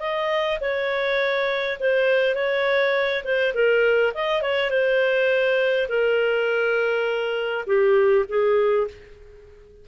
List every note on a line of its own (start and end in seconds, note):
0.00 0.59 D#5
0.61 1.79 C#5
1.80 2.35 C5
2.35 3.24 C#5
3.24 3.54 C5
3.55 4.13 A#4
4.15 4.42 D#5
4.42 4.70 C#5
4.70 5.88 C5
5.89 7.65 A#4
7.67 8.26 G4
8.29 8.88 G#4